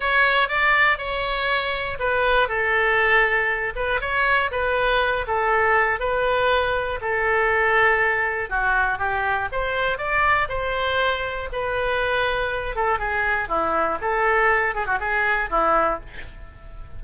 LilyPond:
\new Staff \with { instrumentName = "oboe" } { \time 4/4 \tempo 4 = 120 cis''4 d''4 cis''2 | b'4 a'2~ a'8 b'8 | cis''4 b'4. a'4. | b'2 a'2~ |
a'4 fis'4 g'4 c''4 | d''4 c''2 b'4~ | b'4. a'8 gis'4 e'4 | a'4. gis'16 fis'16 gis'4 e'4 | }